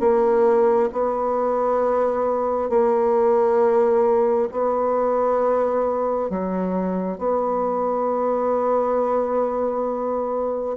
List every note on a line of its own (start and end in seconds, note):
0.00 0.90 A#3
0.92 2.70 B3
2.70 4.49 A#3
4.52 6.30 B3
6.30 7.18 F#3
7.18 10.77 B3